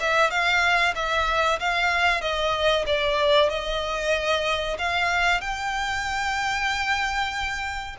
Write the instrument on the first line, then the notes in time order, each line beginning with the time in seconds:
violin
0.00 E5
0.30 F5
0.95 E5
1.60 F5
2.21 D#5
2.86 D5
3.50 D#5
4.78 F5
5.41 G5